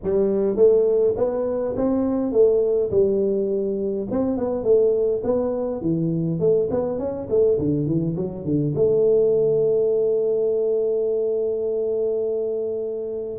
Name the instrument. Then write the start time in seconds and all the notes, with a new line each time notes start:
tuba
0.03 G3
0.56 A3
1.17 B3
1.76 C4
2.31 A3
2.90 G3
4.10 C4
4.37 B3
4.63 A3
5.23 B3
5.81 E3
6.39 A3
6.70 B3
6.98 C#4
7.29 A3
7.59 D3
7.86 E3
8.16 F#3
8.44 D3
8.75 A3